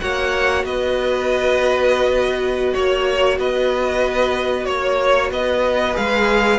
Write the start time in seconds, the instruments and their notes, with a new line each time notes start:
0.00 cello A#3, viola F#4, violin C#5 F#5
0.64 cello B3, violin B4 D#5
2.74 cello A#3, violin C#5
3.38 cello B3, violin B4 D#5
4.65 cello A#3, violin C#5
5.31 cello B3, violin B4 D#5
5.93 cello G#3, viola G#4, violin F5